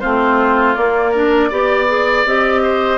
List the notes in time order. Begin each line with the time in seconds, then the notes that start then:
0.00 A3 C4 F4 C5
0.74 A#3 D5
1.11 D4 A#4
1.50 B3 G4 D5
1.87 G#4
2.25 C4 G4 D#5
2.62 C5